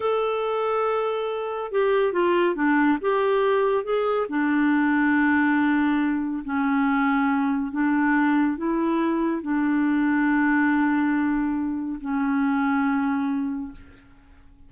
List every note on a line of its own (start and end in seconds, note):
0.00 1.71 A4
1.71 2.12 G4
2.12 2.55 F4
2.55 2.98 D4
3.01 3.84 G4
3.84 4.26 G#4
4.29 6.43 D4
6.44 7.71 C#4
7.71 8.57 D4
8.57 9.41 E4
9.41 11.99 D4
12.00 13.72 C#4